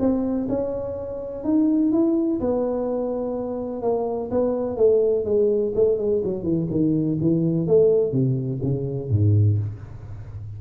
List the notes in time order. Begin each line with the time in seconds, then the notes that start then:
0.00 C4
0.49 C#4
1.44 D#4
1.92 E4
2.41 B3
3.82 A#3
4.31 B3
4.77 A3
5.25 G#3
5.75 A3
5.98 G#3
6.24 F#3
6.43 E3
6.70 D#3
7.21 E3
7.67 A3
8.12 C3
8.63 C#3
9.10 G#2